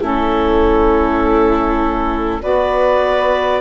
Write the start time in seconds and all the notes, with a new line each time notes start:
0.00 A3 C#4 E4 A4
2.41 B3 F#4 B4 D5